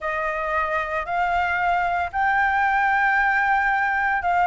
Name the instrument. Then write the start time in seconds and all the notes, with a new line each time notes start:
flute
0.00 D#5
1.05 F5
2.12 G5
4.22 F5